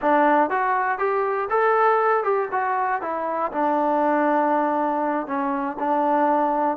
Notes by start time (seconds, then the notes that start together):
0.01 D4
0.50 F#4
0.98 G4
1.50 A4
2.23 G4
2.51 F#4
3.01 E4
3.52 D4
5.26 C#4
5.79 D4